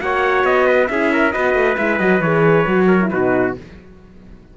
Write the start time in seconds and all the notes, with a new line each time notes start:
0.00 A#3 F#4 C#5 F#5
0.44 B3 D#5
0.66 B4
0.87 C#4 E4 G#4 E5
1.12 A#4
1.32 B3 F#4 B4 D#5
1.54 A3
1.77 G#3 E4 E5
1.99 F#3 F#4 D#5
2.20 E3 G#4 C#5
2.67 F#3 F#4
2.87 A#4
3.01 E4
3.10 B2 D#4 F#4 B4